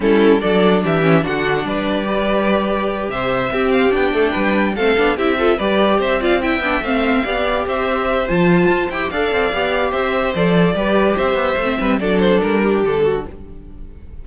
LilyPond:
<<
  \new Staff \with { instrumentName = "violin" } { \time 4/4 \tempo 4 = 145 a'4 d''4 e''4 fis''4 | d''2.~ d''8 e''8~ | e''4 f''8 g''2 f''8~ | f''8 e''4 d''4 e''8 f''8 g''8~ |
g''8 f''2 e''4. | a''4. g''8 f''2 | e''4 d''2 e''4~ | e''4 d''8 c''8 ais'4 a'4 | }
  \new Staff \with { instrumentName = "violin" } { \time 4/4 e'4 a'4 g'4 fis'4 | b'2.~ b'8 c''8~ | c''8 g'4. a'8 b'4 a'8~ | a'8 g'8 a'8 b'4 c''8 d''8 e''8~ |
e''4. d''4 c''4.~ | c''2 d''2 | c''2 b'4 c''4~ | c''8 b'8 a'4. g'4 fis'8 | }
  \new Staff \with { instrumentName = "viola" } { \time 4/4 cis'4 d'4. cis'8 d'4~ | d'4 g'2.~ | g'8 c'4 d'2 c'8 | d'8 e'8 f'8 g'4. f'8 e'8 |
d'8 c'4 g'2~ g'8 | f'4. g'8 a'4 g'4~ | g'4 a'4 g'2 | c'4 d'2. | }
  \new Staff \with { instrumentName = "cello" } { \time 4/4 g4 fis4 e4 d4 | g2.~ g8 c8~ | c8 c'4 b8 a8 g4 a8 | b8 c'4 g4 c'4. |
b8 a4 b4 c'4. | f4 f'8 e'8 d'8 c'8 b4 | c'4 f4 g4 c'8 b8 | a8 g8 fis4 g4 d4 | }
>>